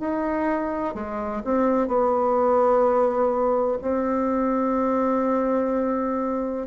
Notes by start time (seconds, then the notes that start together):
0.00 D#4
0.94 G#3
1.45 C4
1.88 B3
3.82 C4